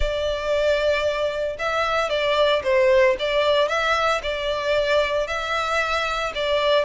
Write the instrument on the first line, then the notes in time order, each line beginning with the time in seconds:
violin
0.00 D5
1.58 E5
2.09 D5
2.63 C5
3.19 D5
3.68 E5
4.22 D5
5.27 E5
6.34 D5